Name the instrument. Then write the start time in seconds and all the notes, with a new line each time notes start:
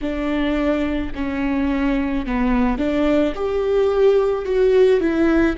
viola
0.01 D4
1.15 C#4
2.25 B3
2.78 D4
3.35 G4
4.44 F#4
5.00 E4